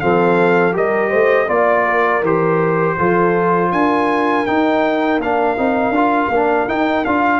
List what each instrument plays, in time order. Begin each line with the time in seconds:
0.00 tuba F3, trombone C4, horn A4, trumpet F5
0.73 tuba G3, trombone G4, horn A#4, trumpet D#5
1.10 tuba A3, horn C5
1.48 tuba A#3, trombone F4, horn D5, trumpet D5
1.86 horn A#4
2.22 tuba E3, trombone G4, trumpet C5
2.98 tuba F3, trombone F4, horn A4
3.71 tuba D4, horn A#4, trumpet G#5
4.46 trombone D#4, tuba D#4, trumpet G5
5.19 tuba A#3, trombone D4, trumpet F5
5.57 tuba C4, trombone D#4
5.90 tuba D4, trombone F4
6.29 tuba A#3, trombone D4
6.68 tuba D#4, trombone D#4, trumpet G5
7.05 tuba D4, trombone F4, trumpet F5